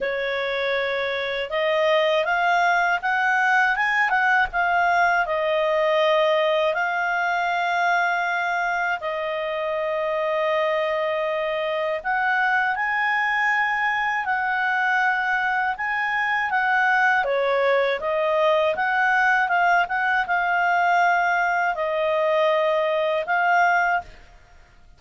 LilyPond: \new Staff \with { instrumentName = "clarinet" } { \time 4/4 \tempo 4 = 80 cis''2 dis''4 f''4 | fis''4 gis''8 fis''8 f''4 dis''4~ | dis''4 f''2. | dis''1 |
fis''4 gis''2 fis''4~ | fis''4 gis''4 fis''4 cis''4 | dis''4 fis''4 f''8 fis''8 f''4~ | f''4 dis''2 f''4 | }